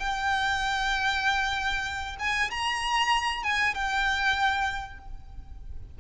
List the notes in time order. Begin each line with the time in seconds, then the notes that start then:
0.00 G5
2.20 G#5
2.51 A#5
3.44 G#5
3.75 G5